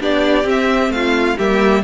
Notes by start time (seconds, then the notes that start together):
0.00 B3 D4 G4 D5
0.43 C4
0.49 E5
0.89 A3 F5
0.95 F4
1.37 G3 A#3 G4 E5